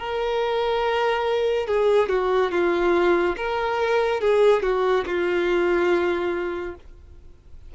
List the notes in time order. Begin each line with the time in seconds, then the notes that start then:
0.00 A#4
1.67 G#4
2.10 F#4
2.52 F4
3.37 A#4
4.21 G#4
4.63 F#4
5.07 F4